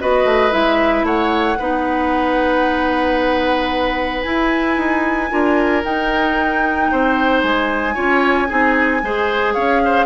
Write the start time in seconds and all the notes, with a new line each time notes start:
0.00 B3 F#4 B4 D#5
0.25 A3
0.51 G#3 E4 E5
1.03 A3 C#5 F#5
1.59 B3 D#4 B4
4.23 E4 G#5
4.77 D#4
5.30 D4 F4 A#4
5.84 D#4 G5
6.92 C4 C5
7.42 G#3 G#5
7.95 C#4 F4 C#5
8.49 C4 D#4 G#4
9.03 G#3 G#4 C5
9.55 C#4 C#5 F5
9.85 C5